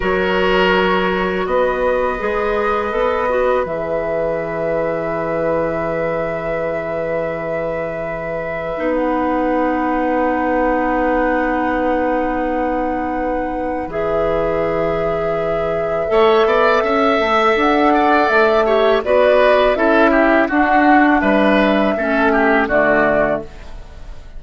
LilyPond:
<<
  \new Staff \with { instrumentName = "flute" } { \time 4/4 \tempo 4 = 82 cis''2 dis''2~ | dis''4 e''2.~ | e''1~ | e''16 fis''2.~ fis''8.~ |
fis''2. e''4~ | e''1 | fis''4 e''4 d''4 e''4 | fis''4 e''2 d''4 | }
  \new Staff \with { instrumentName = "oboe" } { \time 4/4 ais'2 b'2~ | b'1~ | b'1~ | b'1~ |
b'1~ | b'2 cis''8 d''8 e''4~ | e''8 d''4 cis''8 b'4 a'8 g'8 | fis'4 b'4 a'8 g'8 fis'4 | }
  \new Staff \with { instrumentName = "clarinet" } { \time 4/4 fis'2. gis'4 | a'8 fis'8 gis'2.~ | gis'1 | dis'1~ |
dis'2. gis'4~ | gis'2 a'2~ | a'4. g'8 fis'4 e'4 | d'2 cis'4 a4 | }
  \new Staff \with { instrumentName = "bassoon" } { \time 4/4 fis2 b4 gis4 | b4 e2.~ | e1 | b1~ |
b2. e4~ | e2 a8 b8 cis'8 a8 | d'4 a4 b4 cis'4 | d'4 g4 a4 d4 | }
>>